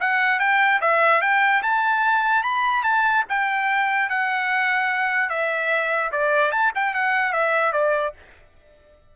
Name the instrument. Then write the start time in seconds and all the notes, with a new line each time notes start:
trumpet
0.00 F#5
0.39 G5
0.81 E5
1.21 G5
1.63 A5
2.43 B5
2.83 A5
3.29 G5
4.09 F#5
5.29 E5
6.12 D5
6.51 A5
6.75 G5
6.94 F#5
7.33 E5
7.72 D5